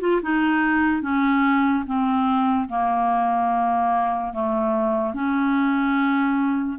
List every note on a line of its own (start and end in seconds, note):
0.00 0.21 F4
0.22 1.01 D#4
1.01 1.83 C#4
1.86 2.68 C4
2.68 4.33 A#3
4.33 5.14 A3
5.14 6.78 C#4